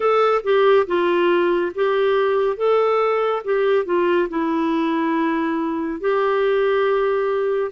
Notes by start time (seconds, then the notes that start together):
0.00 A4
0.43 G4
0.86 F4
1.74 G4
2.56 A4
3.44 G4
3.85 F4
4.29 E4
6.00 G4